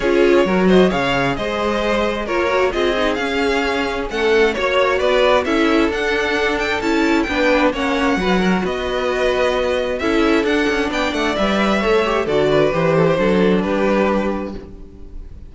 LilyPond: <<
  \new Staff \with { instrumentName = "violin" } { \time 4/4 \tempo 4 = 132 cis''4. dis''8 f''4 dis''4~ | dis''4 cis''4 dis''4 f''4~ | f''4 fis''4 cis''4 d''4 | e''4 fis''4. g''8 a''4 |
g''4 fis''2 dis''4~ | dis''2 e''4 fis''4 | g''8 fis''8 e''2 d''4 | c''2 b'2 | }
  \new Staff \with { instrumentName = "violin" } { \time 4/4 gis'4 ais'8 c''8 cis''4 c''4~ | c''4 ais'4 gis'2~ | gis'4 a'4 cis''4 b'4 | a'1 |
b'4 cis''4 b'8 ais'8 b'4~ | b'2 a'2 | d''2 cis''4 a'8 b'8~ | b'8 a'16 g'16 a'4 g'2 | }
  \new Staff \with { instrumentName = "viola" } { \time 4/4 f'4 fis'4 gis'2~ | gis'4 f'8 fis'8 f'8 dis'8 cis'4~ | cis'2 fis'2 | e'4 d'2 e'4 |
d'4 cis'4 fis'2~ | fis'2 e'4 d'4~ | d'4 b'4 a'8 g'8 fis'4 | g'4 d'2. | }
  \new Staff \with { instrumentName = "cello" } { \time 4/4 cis'4 fis4 cis4 gis4~ | gis4 ais4 c'4 cis'4~ | cis'4 a4 ais4 b4 | cis'4 d'2 cis'4 |
b4 ais4 fis4 b4~ | b2 cis'4 d'8 cis'8 | b8 a8 g4 a4 d4 | e4 fis4 g2 | }
>>